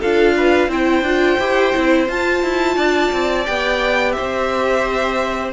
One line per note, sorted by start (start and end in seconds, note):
0.00 0.68 D4
0.00 0.70 F4
0.00 0.34 A4
0.00 0.71 F5
0.36 0.70 B4
0.68 1.01 C4
0.68 1.04 E4
0.68 2.76 C5
0.68 2.09 G5
1.01 1.36 D4
1.01 1.40 F4
1.39 1.73 E4
1.39 1.74 G4
1.74 2.08 C4
1.74 2.07 E4
2.07 3.45 F4
2.07 2.43 F4
2.07 3.45 A5
2.43 2.76 E4
2.76 3.11 D4
2.76 4.14 D5
3.12 3.47 C4
3.45 4.17 B3
3.45 5.53 G4
3.45 4.12 G5
4.12 5.53 C5
4.12 5.50 E5
4.20 5.53 C4